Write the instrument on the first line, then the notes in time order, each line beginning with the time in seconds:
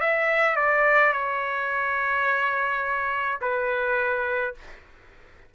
trumpet
0.00 E5
0.56 D5
1.13 C#5
3.41 B4